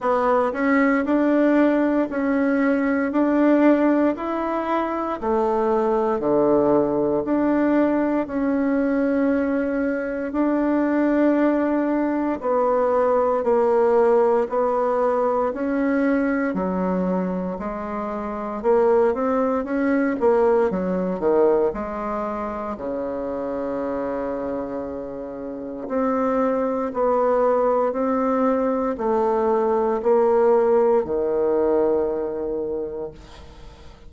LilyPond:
\new Staff \with { instrumentName = "bassoon" } { \time 4/4 \tempo 4 = 58 b8 cis'8 d'4 cis'4 d'4 | e'4 a4 d4 d'4 | cis'2 d'2 | b4 ais4 b4 cis'4 |
fis4 gis4 ais8 c'8 cis'8 ais8 | fis8 dis8 gis4 cis2~ | cis4 c'4 b4 c'4 | a4 ais4 dis2 | }